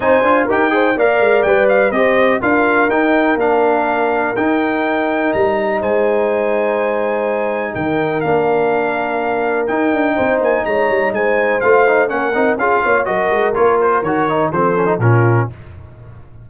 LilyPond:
<<
  \new Staff \with { instrumentName = "trumpet" } { \time 4/4 \tempo 4 = 124 gis''4 g''4 f''4 g''8 f''8 | dis''4 f''4 g''4 f''4~ | f''4 g''2 ais''4 | gis''1 |
g''4 f''2. | g''4. gis''8 ais''4 gis''4 | f''4 fis''4 f''4 dis''4 | cis''8 c''8 cis''4 c''4 ais'4 | }
  \new Staff \with { instrumentName = "horn" } { \time 4/4 c''4 ais'8 c''8 d''2 | c''4 ais'2.~ | ais'1 | c''1 |
ais'1~ | ais'4 c''4 cis''4 c''4~ | c''4 ais'4 gis'8 cis''8 ais'4~ | ais'2 a'4 f'4 | }
  \new Staff \with { instrumentName = "trombone" } { \time 4/4 dis'8 f'8 g'8 gis'8 ais'4 b'4 | g'4 f'4 dis'4 d'4~ | d'4 dis'2.~ | dis'1~ |
dis'4 d'2. | dis'1 | f'8 dis'8 cis'8 dis'8 f'4 fis'4 | f'4 fis'8 dis'8 c'8 cis'16 dis'16 cis'4 | }
  \new Staff \with { instrumentName = "tuba" } { \time 4/4 c'8 d'8 dis'4 ais8 gis8 g4 | c'4 d'4 dis'4 ais4~ | ais4 dis'2 g4 | gis1 |
dis4 ais2. | dis'8 d'8 c'8 ais8 gis8 g8 gis4 | a4 ais8 c'8 cis'8 ais8 fis8 gis8 | ais4 dis4 f4 ais,4 | }
>>